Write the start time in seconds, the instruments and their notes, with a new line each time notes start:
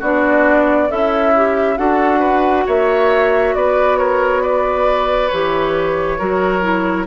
0.00 bassoon B3, clarinet D4, oboe F#4, flute D5
0.89 bassoon C#4, oboe E4, clarinet A4, flute E5
1.36 clarinet G4
1.77 bassoon D4, clarinet F#4, oboe A4, flute F#5
2.20 oboe B4
2.67 bassoon A#3, oboe C#5, flute E5
3.55 bassoon B3, oboe B4, flute D5
3.98 oboe A#4, flute C#5
4.42 oboe B4, flute D5
5.28 bassoon E3, clarinet G4, flute C#5
6.19 bassoon F#3, clarinet F#4, oboe A#4
6.62 clarinet E4